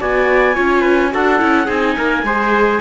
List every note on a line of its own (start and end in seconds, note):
0.00 0.57 B3
0.00 0.54 F#4
0.00 0.55 D5
0.00 1.15 G#5
0.54 1.14 C#4
0.54 1.10 F4
0.54 0.81 C#5
0.81 1.10 B4
1.11 1.42 D4
1.11 1.39 F#4
1.11 1.66 A4
1.11 1.70 F#5
1.39 1.68 C#4
1.39 1.67 E4
1.66 1.96 C4
1.66 2.24 D#4
1.66 1.94 G#4
1.66 2.81 G#5
1.97 2.23 A#3
1.97 2.25 A#4
2.23 2.80 G#3
2.23 2.81 G#4
2.23 2.81 C5